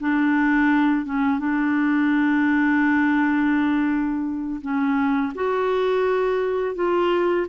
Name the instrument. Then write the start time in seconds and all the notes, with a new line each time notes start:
clarinet
0.00 D4
1.06 C#4
1.39 D4
4.62 C#4
5.35 F#4
6.76 F4